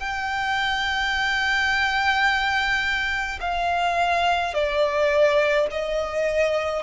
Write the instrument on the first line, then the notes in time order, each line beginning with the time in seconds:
violin
0.00 G5
3.41 F5
4.54 D5
5.71 D#5